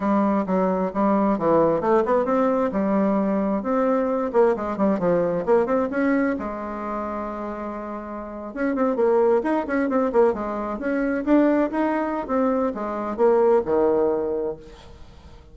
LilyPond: \new Staff \with { instrumentName = "bassoon" } { \time 4/4 \tempo 4 = 132 g4 fis4 g4 e4 | a8 b8 c'4 g2 | c'4. ais8 gis8 g8 f4 | ais8 c'8 cis'4 gis2~ |
gis2~ gis8. cis'8 c'8 ais16~ | ais8. dis'8 cis'8 c'8 ais8 gis4 cis'16~ | cis'8. d'4 dis'4~ dis'16 c'4 | gis4 ais4 dis2 | }